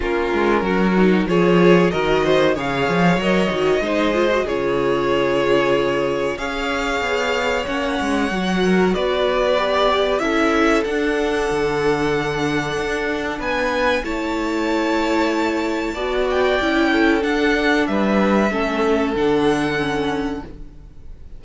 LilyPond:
<<
  \new Staff \with { instrumentName = "violin" } { \time 4/4 \tempo 4 = 94 ais'2 cis''4 dis''4 | f''4 dis''2 cis''4~ | cis''2 f''2 | fis''2 d''2 |
e''4 fis''2.~ | fis''4 gis''4 a''2~ | a''4. g''4. fis''4 | e''2 fis''2 | }
  \new Staff \with { instrumentName = "violin" } { \time 4/4 f'4 fis'4 gis'4 ais'8 c''8 | cis''2 c''4 gis'4~ | gis'2 cis''2~ | cis''4. ais'8 b'2 |
a'1~ | a'4 b'4 cis''2~ | cis''4 d''4. a'4. | b'4 a'2. | }
  \new Staff \with { instrumentName = "viola" } { \time 4/4 cis'4. dis'8 f'4 fis'4 | gis'4 ais'8 fis'8 dis'8 f'16 fis'16 f'4~ | f'2 gis'2 | cis'4 fis'2 g'4 |
e'4 d'2.~ | d'2 e'2~ | e'4 fis'4 e'4 d'4~ | d'4 cis'4 d'4 cis'4 | }
  \new Staff \with { instrumentName = "cello" } { \time 4/4 ais8 gis8 fis4 f4 dis4 | cis8 f8 fis8 dis8 gis4 cis4~ | cis2 cis'4 b4 | ais8 gis8 fis4 b2 |
cis'4 d'4 d2 | d'4 b4 a2~ | a4 b4 cis'4 d'4 | g4 a4 d2 | }
>>